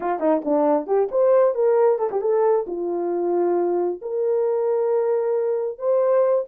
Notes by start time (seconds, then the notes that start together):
0.00 F4
0.19 D#4
0.44 D4
0.86 G4
1.11 C5
1.54 A#4
1.98 A4
2.11 G4
2.21 A4
2.67 F4
4.01 A#4
5.78 C5